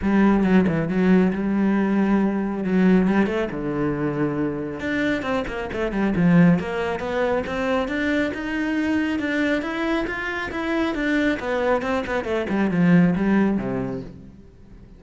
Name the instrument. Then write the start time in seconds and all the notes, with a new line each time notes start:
cello
0.01 G3
0.43 F#3
0.67 E3
0.88 F#3
1.33 G3
2.64 F#3
3.07 G3
3.26 A3
3.51 D3
4.80 D4
5.22 C4
5.47 A#3
5.73 A3
5.92 G3
6.15 F3
6.59 A#3
6.99 B3
7.46 C4
7.88 D4
8.34 D#4
9.19 D4
9.61 E4
10.06 F4
10.51 E4
10.94 D4
11.39 B3
11.82 C4
12.06 B3
12.24 A3
12.49 G3
12.70 F3
13.15 G3
13.57 C3